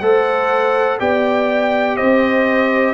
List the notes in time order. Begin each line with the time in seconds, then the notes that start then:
0.00 A3 A4 C5 F#5
0.99 B3 G4 D5 G5
1.97 C4 C5 D#5